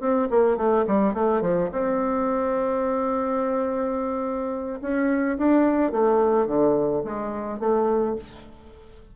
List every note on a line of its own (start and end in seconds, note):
0.00 0.28 C4
0.30 0.57 A#3
0.57 0.85 A3
0.87 1.14 G3
1.14 1.41 A3
1.41 1.69 F3
1.72 4.80 C4
4.81 5.38 C#4
5.38 5.92 D4
5.92 6.47 A3
6.47 7.03 D3
7.04 7.59 G#3
7.59 8.15 A3